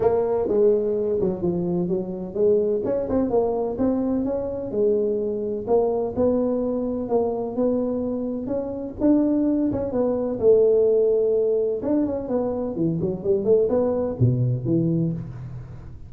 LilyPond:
\new Staff \with { instrumentName = "tuba" } { \time 4/4 \tempo 4 = 127 ais4 gis4. fis8 f4 | fis4 gis4 cis'8 c'8 ais4 | c'4 cis'4 gis2 | ais4 b2 ais4 |
b2 cis'4 d'4~ | d'8 cis'8 b4 a2~ | a4 d'8 cis'8 b4 e8 fis8 | g8 a8 b4 b,4 e4 | }